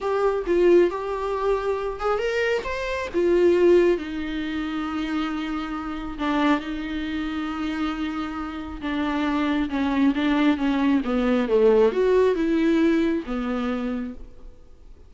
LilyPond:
\new Staff \with { instrumentName = "viola" } { \time 4/4 \tempo 4 = 136 g'4 f'4 g'2~ | g'8 gis'8 ais'4 c''4 f'4~ | f'4 dis'2.~ | dis'2 d'4 dis'4~ |
dis'1 | d'2 cis'4 d'4 | cis'4 b4 a4 fis'4 | e'2 b2 | }